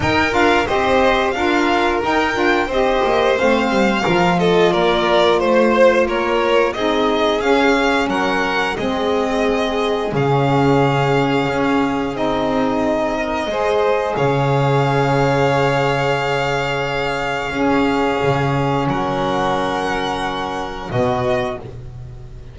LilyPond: <<
  \new Staff \with { instrumentName = "violin" } { \time 4/4 \tempo 4 = 89 g''8 f''8 dis''4 f''4 g''4 | dis''4 f''4. dis''8 d''4 | c''4 cis''4 dis''4 f''4 | fis''4 dis''2 f''4~ |
f''2 dis''2~ | dis''4 f''2.~ | f''1 | fis''2. dis''4 | }
  \new Staff \with { instrumentName = "violin" } { \time 4/4 ais'4 c''4 ais'2 | c''2 ais'8 a'8 ais'4 | c''4 ais'4 gis'2 | ais'4 gis'2.~ |
gis'2.~ gis'8 ais'8 | c''4 cis''2.~ | cis''2 gis'2 | ais'2. fis'4 | }
  \new Staff \with { instrumentName = "saxophone" } { \time 4/4 dis'8 f'8 g'4 f'4 dis'8 f'8 | g'4 c'4 f'2~ | f'2 dis'4 cis'4~ | cis'4 c'2 cis'4~ |
cis'2 dis'2 | gis'1~ | gis'2 cis'2~ | cis'2. b4 | }
  \new Staff \with { instrumentName = "double bass" } { \time 4/4 dis'8 d'8 c'4 d'4 dis'8 d'8 | c'8 ais8 a8 g8 f4 ais4 | a4 ais4 c'4 cis'4 | fis4 gis2 cis4~ |
cis4 cis'4 c'2 | gis4 cis2.~ | cis2 cis'4 cis4 | fis2. b,4 | }
>>